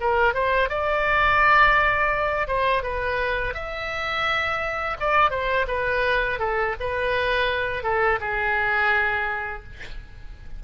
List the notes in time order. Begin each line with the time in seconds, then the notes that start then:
0.00 A#4
0.33 C5
0.69 D5
2.47 C5
2.82 B4
3.54 E5
5.00 D5
5.30 C5
5.67 B4
6.39 A4
6.80 B4
7.83 A4
8.20 G#4